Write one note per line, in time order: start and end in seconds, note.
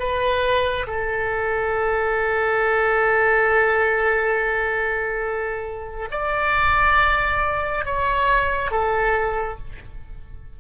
0.00 0.87 B4
0.87 6.09 A4
6.11 7.85 D5
7.86 8.72 C#5
8.72 9.58 A4